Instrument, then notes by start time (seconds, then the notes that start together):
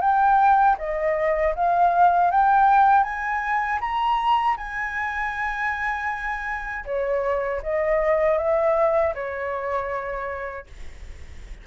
flute
0.00 G5
0.78 D#5
1.55 F5
2.31 G5
3.03 G#5
3.80 A#5
4.57 G#5
6.85 C#5
7.62 D#5
8.38 E5
9.14 C#5